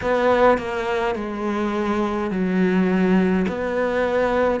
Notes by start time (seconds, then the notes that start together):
0.01 B3
0.58 A#3
1.15 G#3
2.30 F#3
3.48 B3